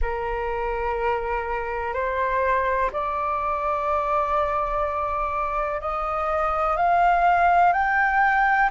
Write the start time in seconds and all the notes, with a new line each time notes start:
0.01 A#4
1.93 C5
2.92 D5
5.80 D#5
6.77 F5
7.72 G5